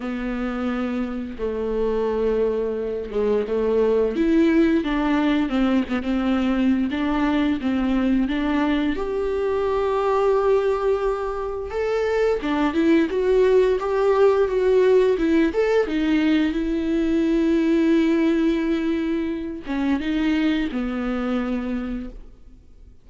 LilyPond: \new Staff \with { instrumentName = "viola" } { \time 4/4 \tempo 4 = 87 b2 a2~ | a8 gis8 a4 e'4 d'4 | c'8 b16 c'4~ c'16 d'4 c'4 | d'4 g'2.~ |
g'4 a'4 d'8 e'8 fis'4 | g'4 fis'4 e'8 a'8 dis'4 | e'1~ | e'8 cis'8 dis'4 b2 | }